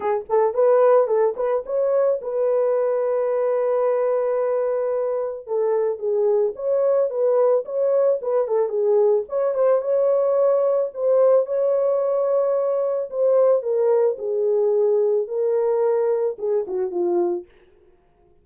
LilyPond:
\new Staff \with { instrumentName = "horn" } { \time 4/4 \tempo 4 = 110 gis'8 a'8 b'4 a'8 b'8 cis''4 | b'1~ | b'2 a'4 gis'4 | cis''4 b'4 cis''4 b'8 a'8 |
gis'4 cis''8 c''8 cis''2 | c''4 cis''2. | c''4 ais'4 gis'2 | ais'2 gis'8 fis'8 f'4 | }